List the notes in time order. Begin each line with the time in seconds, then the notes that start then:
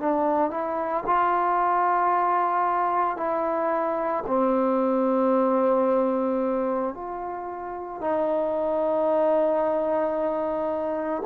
0.00 D4
0.51 E4
1.07 F4
3.17 E4
4.27 C4
6.94 F4
8.01 D#4